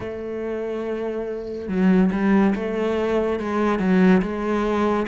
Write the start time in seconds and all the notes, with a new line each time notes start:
0.00 A3
1.68 F#3
2.12 G3
2.55 A3
3.39 G#3
3.79 F#3
4.21 G#3